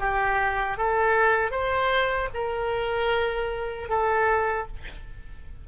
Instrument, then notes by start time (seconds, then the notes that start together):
oboe
0.00 G4
0.78 A4
1.51 C5
2.34 A#4
3.89 A4